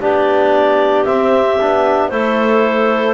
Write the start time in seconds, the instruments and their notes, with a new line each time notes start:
0.00 double bass B3, trombone D4, clarinet G4 D5
1.05 trombone C4, double bass C4, clarinet E5
1.60 double bass B3, trombone D4
2.09 double bass A3, trombone E4, clarinet A4 C5